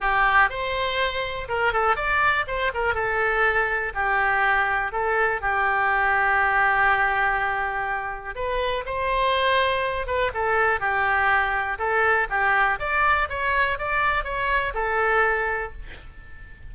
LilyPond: \new Staff \with { instrumentName = "oboe" } { \time 4/4 \tempo 4 = 122 g'4 c''2 ais'8 a'8 | d''4 c''8 ais'8 a'2 | g'2 a'4 g'4~ | g'1~ |
g'4 b'4 c''2~ | c''8 b'8 a'4 g'2 | a'4 g'4 d''4 cis''4 | d''4 cis''4 a'2 | }